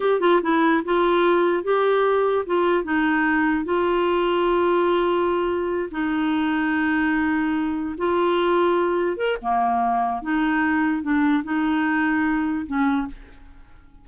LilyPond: \new Staff \with { instrumentName = "clarinet" } { \time 4/4 \tempo 4 = 147 g'8 f'8 e'4 f'2 | g'2 f'4 dis'4~ | dis'4 f'2.~ | f'2~ f'8 dis'4.~ |
dis'2.~ dis'8 f'8~ | f'2~ f'8 ais'8 ais4~ | ais4 dis'2 d'4 | dis'2. cis'4 | }